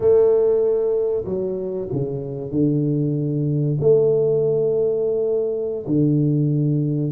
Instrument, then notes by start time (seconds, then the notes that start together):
tuba
0.00 A3
1.24 F#3
1.91 C#3
2.51 D3
3.80 A3
5.86 D3